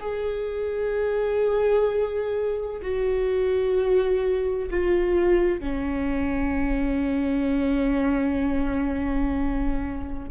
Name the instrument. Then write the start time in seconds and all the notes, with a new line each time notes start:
viola
0.00 G#4
2.82 F#4
4.70 F4
5.60 C#4